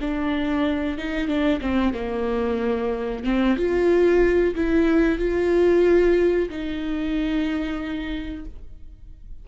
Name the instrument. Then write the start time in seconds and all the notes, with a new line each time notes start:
viola
0.00 D4
0.98 D#4
1.27 D4
1.61 C4
1.93 A#3
3.24 C4
3.56 F4
4.55 E4
5.18 F4
6.49 D#4